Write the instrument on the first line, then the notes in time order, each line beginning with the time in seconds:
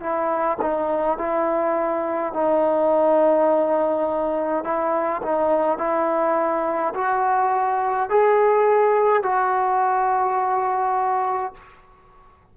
trombone
0.00 E4
0.62 D#4
1.18 E4
2.33 D#4
4.64 E4
5.22 D#4
5.78 E4
6.94 F#4
8.10 G#4
9.23 F#4